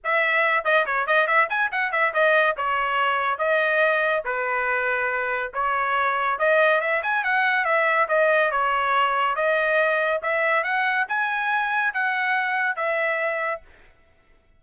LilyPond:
\new Staff \with { instrumentName = "trumpet" } { \time 4/4 \tempo 4 = 141 e''4. dis''8 cis''8 dis''8 e''8 gis''8 | fis''8 e''8 dis''4 cis''2 | dis''2 b'2~ | b'4 cis''2 dis''4 |
e''8 gis''8 fis''4 e''4 dis''4 | cis''2 dis''2 | e''4 fis''4 gis''2 | fis''2 e''2 | }